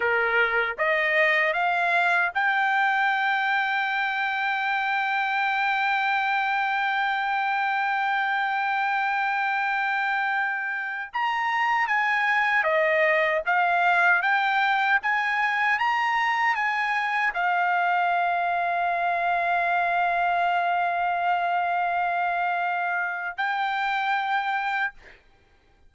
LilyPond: \new Staff \with { instrumentName = "trumpet" } { \time 4/4 \tempo 4 = 77 ais'4 dis''4 f''4 g''4~ | g''1~ | g''1~ | g''2~ g''16 ais''4 gis''8.~ |
gis''16 dis''4 f''4 g''4 gis''8.~ | gis''16 ais''4 gis''4 f''4.~ f''16~ | f''1~ | f''2 g''2 | }